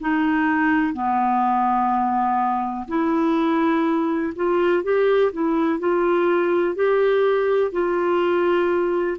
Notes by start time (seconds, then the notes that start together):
0.00 D#4
0.93 B3
2.88 E4
4.35 F4
4.83 G4
5.32 E4
5.79 F4
6.75 G4
7.72 F4